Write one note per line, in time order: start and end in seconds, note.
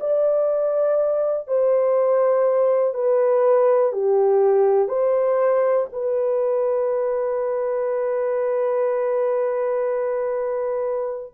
0.00 1.48 D5
1.48 2.94 C5
2.94 3.93 B4
3.93 4.89 G4
4.89 5.87 C5
5.92 11.33 B4